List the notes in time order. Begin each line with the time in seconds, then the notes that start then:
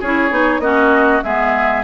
0.00 C#4 E4 G#4 C#5
0.30 B3 D#4
0.60 A#3 C#4 F#4 D#5
1.22 G#3 B3 G#4 E5